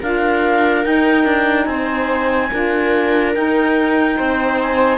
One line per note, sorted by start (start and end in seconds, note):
0.00 0.85 D4
0.00 0.84 F4
0.00 1.67 A#4
0.00 0.85 F5
0.84 2.50 D#4
0.84 1.25 D#4
0.84 1.65 G5
1.25 1.66 D4
1.65 2.50 C4
1.65 2.51 C5
1.65 3.32 G#5
2.51 3.36 D4
2.51 3.34 F4
2.51 4.17 A#4
3.34 4.98 D#4
3.34 4.19 D#4
3.34 4.60 G5
4.17 4.98 C4
4.17 4.98 C5
4.62 4.98 G#5